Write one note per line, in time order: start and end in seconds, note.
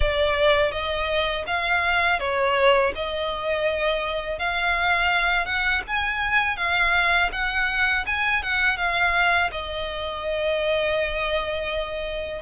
0.00 0.71 D5
0.71 1.44 D#5
1.46 2.20 F5
2.20 2.93 C#5
2.95 4.39 D#5
4.39 5.45 F5
5.45 5.82 F#5
5.87 6.57 G#5
6.57 7.30 F5
7.32 8.05 F#5
8.06 8.42 G#5
8.42 8.77 F#5
8.77 9.50 F5
9.51 12.42 D#5